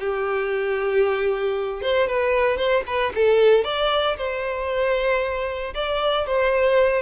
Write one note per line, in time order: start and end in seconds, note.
0.00 1.82 G4
1.82 2.08 C5
2.08 2.57 B4
2.57 2.83 C5
2.87 3.13 B4
3.15 3.65 A4
3.65 4.17 D5
4.18 5.74 C5
5.75 6.27 D5
6.27 7.03 C5